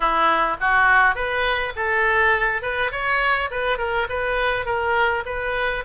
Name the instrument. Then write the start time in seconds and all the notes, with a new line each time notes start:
oboe
0.00 E4
0.60 F#4
1.15 B4
1.76 A4
2.62 B4
2.91 C#5
3.51 B4
3.78 A#4
4.09 B4
4.65 A#4
5.25 B4